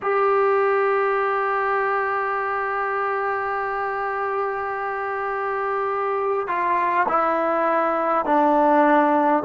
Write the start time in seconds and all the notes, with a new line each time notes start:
0.02 G4
6.47 F4
7.08 E4
8.25 D4